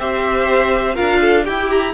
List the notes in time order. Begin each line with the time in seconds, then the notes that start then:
0.00 C4 G4 C5 E5
0.95 D4 F4 A#4 F5
1.21 A4
1.45 E4 G4 G5
1.70 A#5